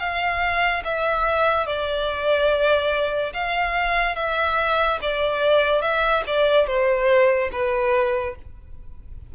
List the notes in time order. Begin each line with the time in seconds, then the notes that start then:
0.00 F5
0.85 E5
1.67 D5
3.33 F5
4.16 E5
5.02 D5
5.82 E5
6.27 D5
6.67 C5
7.52 B4